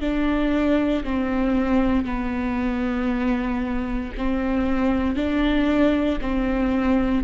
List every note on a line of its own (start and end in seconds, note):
0.00 1.03 D4
1.04 2.05 C4
2.05 4.12 B3
4.17 5.15 C4
5.15 6.19 D4
6.21 7.24 C4